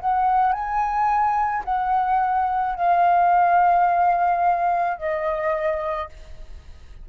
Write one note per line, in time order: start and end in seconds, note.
0.00 0.52 F#5
0.52 1.63 G#5
1.64 2.75 F#5
2.75 4.97 F5
4.97 6.09 D#5